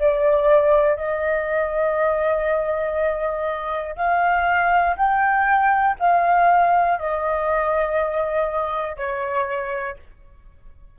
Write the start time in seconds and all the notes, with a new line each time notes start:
0.00 D5
0.96 D#5
3.96 F5
4.97 G5
6.00 F5
6.99 D#5
8.97 C#5